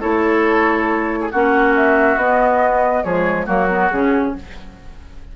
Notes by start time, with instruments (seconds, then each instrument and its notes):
0.00 bassoon A3, clarinet E4, oboe A4, flute C#5
1.21 oboe G#4
1.31 bassoon A#3, clarinet C#4, oboe F#4, flute F#5
1.76 flute E5
2.16 bassoon B3, clarinet B3, flute D#5
3.04 bassoon F3, clarinet G#3, oboe G#4, flute C#5
3.46 bassoon F#3, clarinet A#3, oboe F#4, flute A#4
3.69 clarinet B3
3.91 bassoon C#3, clarinet C#4, flute G#4